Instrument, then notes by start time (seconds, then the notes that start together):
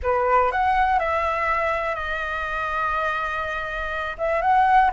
flute
0.02 B4
0.51 F#5
0.99 E5
1.95 D#5
4.18 E5
4.41 F#5